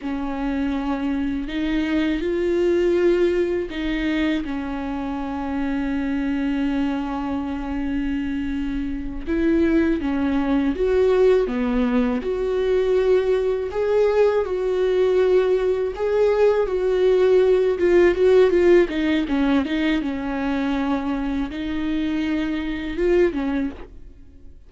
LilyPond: \new Staff \with { instrumentName = "viola" } { \time 4/4 \tempo 4 = 81 cis'2 dis'4 f'4~ | f'4 dis'4 cis'2~ | cis'1~ | cis'8 e'4 cis'4 fis'4 b8~ |
b8 fis'2 gis'4 fis'8~ | fis'4. gis'4 fis'4. | f'8 fis'8 f'8 dis'8 cis'8 dis'8 cis'4~ | cis'4 dis'2 f'8 cis'8 | }